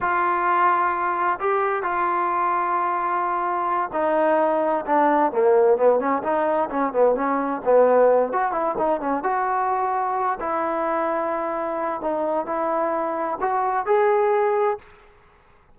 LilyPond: \new Staff \with { instrumentName = "trombone" } { \time 4/4 \tempo 4 = 130 f'2. g'4 | f'1~ | f'8 dis'2 d'4 ais8~ | ais8 b8 cis'8 dis'4 cis'8 b8 cis'8~ |
cis'8 b4. fis'8 e'8 dis'8 cis'8 | fis'2~ fis'8 e'4.~ | e'2 dis'4 e'4~ | e'4 fis'4 gis'2 | }